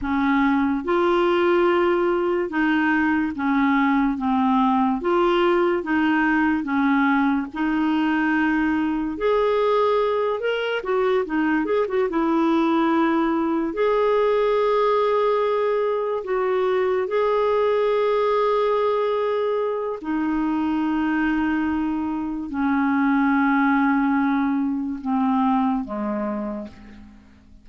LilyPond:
\new Staff \with { instrumentName = "clarinet" } { \time 4/4 \tempo 4 = 72 cis'4 f'2 dis'4 | cis'4 c'4 f'4 dis'4 | cis'4 dis'2 gis'4~ | gis'8 ais'8 fis'8 dis'8 gis'16 fis'16 e'4.~ |
e'8 gis'2. fis'8~ | fis'8 gis'2.~ gis'8 | dis'2. cis'4~ | cis'2 c'4 gis4 | }